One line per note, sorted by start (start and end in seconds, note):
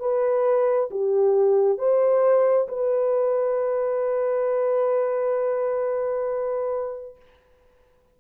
0.00 0.90 B4
0.91 1.78 G4
1.78 2.68 C5
2.69 7.16 B4